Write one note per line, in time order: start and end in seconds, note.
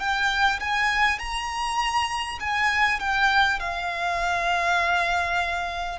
0.00 0.60 G5
0.60 1.19 G#5
1.19 2.39 A#5
2.40 2.99 G#5
2.99 3.59 G5
3.59 5.99 F5